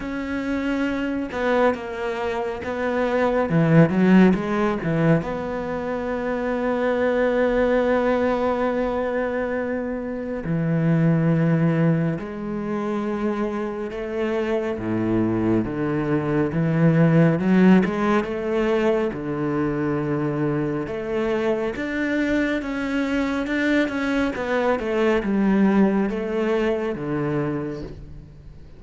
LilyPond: \new Staff \with { instrumentName = "cello" } { \time 4/4 \tempo 4 = 69 cis'4. b8 ais4 b4 | e8 fis8 gis8 e8 b2~ | b1 | e2 gis2 |
a4 a,4 d4 e4 | fis8 gis8 a4 d2 | a4 d'4 cis'4 d'8 cis'8 | b8 a8 g4 a4 d4 | }